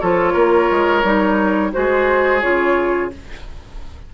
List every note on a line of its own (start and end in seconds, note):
0.00 0.35 F3
0.00 1.04 F4
0.00 0.33 A4
0.00 1.72 C#5
0.33 0.69 A#3
0.33 1.71 A#4
0.71 1.04 G#3
1.04 1.73 G3
1.04 1.72 D#4
1.72 2.44 G#3
1.72 2.41 F#4
1.72 3.14 G#4
1.72 2.41 C5
2.41 3.13 C#3
2.41 3.11 F4
2.41 3.10 C#5